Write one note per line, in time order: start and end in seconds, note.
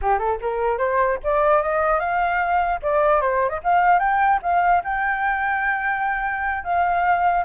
0.01 0.18 G4
0.18 0.38 A4
0.41 0.78 A#4
0.78 1.18 C5
1.23 1.62 D5
1.62 1.99 D#5
1.99 2.80 F5
2.82 3.21 D5
3.21 3.49 C5
3.49 3.59 D#5
3.63 3.99 F5
3.99 4.39 G5
4.42 4.82 F5
4.84 6.64 G5
6.64 7.44 F5